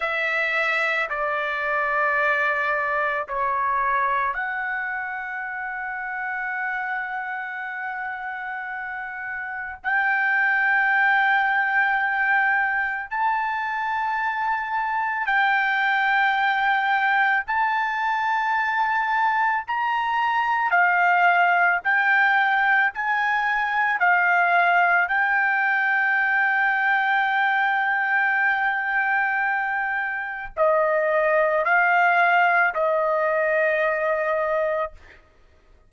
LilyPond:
\new Staff \with { instrumentName = "trumpet" } { \time 4/4 \tempo 4 = 55 e''4 d''2 cis''4 | fis''1~ | fis''4 g''2. | a''2 g''2 |
a''2 ais''4 f''4 | g''4 gis''4 f''4 g''4~ | g''1 | dis''4 f''4 dis''2 | }